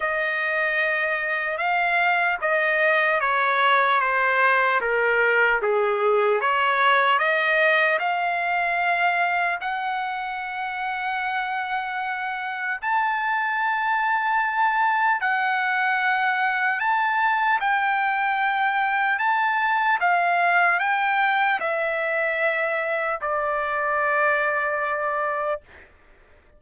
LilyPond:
\new Staff \with { instrumentName = "trumpet" } { \time 4/4 \tempo 4 = 75 dis''2 f''4 dis''4 | cis''4 c''4 ais'4 gis'4 | cis''4 dis''4 f''2 | fis''1 |
a''2. fis''4~ | fis''4 a''4 g''2 | a''4 f''4 g''4 e''4~ | e''4 d''2. | }